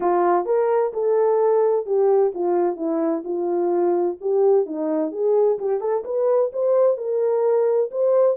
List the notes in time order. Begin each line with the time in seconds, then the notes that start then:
0.00 F4
0.45 A#4
0.93 A4
1.86 G4
2.34 F4
2.76 E4
3.24 F4
4.20 G4
4.66 D#4
5.11 G#4
5.59 G4
5.80 A4
6.04 B4
6.52 C5
6.97 A#4
7.91 C5